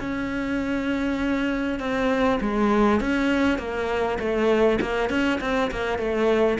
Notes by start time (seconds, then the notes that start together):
0.00 C#4
1.80 C4
2.41 G#3
3.01 C#4
3.59 A#3
4.19 A3
4.81 A#3
5.10 C#4
5.41 C4
5.71 A#3
5.99 A3